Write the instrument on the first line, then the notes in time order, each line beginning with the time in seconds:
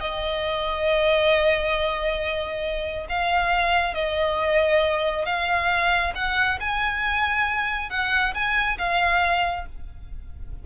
violin
0.00 D#5
3.09 F5
3.94 D#5
5.25 F5
6.15 F#5
6.60 G#5
7.90 F#5
8.34 G#5
8.78 F5